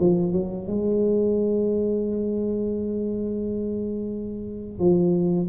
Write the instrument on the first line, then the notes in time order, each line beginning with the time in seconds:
tuba
0.00 F3
0.33 F#3
0.67 G#3
4.79 F3